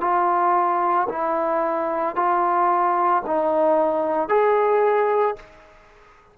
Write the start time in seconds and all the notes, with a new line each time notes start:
0.00 F4
1.08 E4
2.15 F4
3.26 D#4
4.29 G#4